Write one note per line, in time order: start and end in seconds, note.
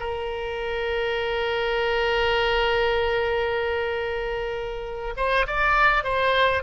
0.00 5.15 A#4
5.17 5.46 C5
5.47 6.04 D5
6.04 6.63 C5